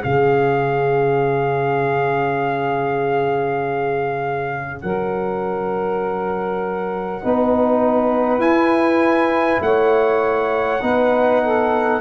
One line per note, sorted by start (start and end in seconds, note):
0.00 4.83 C#3
0.00 7.20 C#4
0.00 4.82 G#4
0.00 4.80 F5
4.80 7.23 F#3
4.80 7.22 A#4
4.80 8.40 F#5
7.21 8.38 B3
7.21 8.39 D#4
7.21 9.62 B4
8.38 9.59 E4
8.38 10.79 E4
8.38 9.61 G#5
9.61 10.81 A3
9.61 10.82 C#5
9.61 12.01 F#5
10.81 12.01 B3
10.81 12.01 D#4
10.81 11.42 B4
11.42 12.01 A4